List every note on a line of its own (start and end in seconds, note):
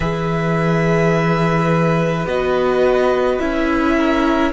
0.00 2.25 E3
0.00 2.26 G#4
0.00 3.96 B4
0.00 2.25 E5
2.26 3.39 B3
2.26 3.39 F#4
2.26 3.39 D#5
3.39 4.52 C#4
3.39 4.52 E4
3.39 4.52 E5
3.96 4.52 A#4